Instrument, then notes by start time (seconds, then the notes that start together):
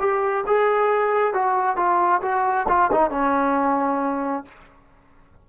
trombone
0.00 G4
0.47 G#4
1.34 F#4
1.77 F4
2.23 F#4
2.69 F4
2.93 D#4
3.11 C#4